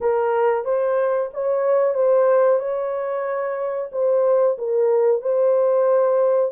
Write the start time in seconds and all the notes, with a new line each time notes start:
0.00 A#4
0.65 C5
1.33 C#5
1.94 C5
2.59 C#5
3.92 C5
4.58 A#4
5.21 C5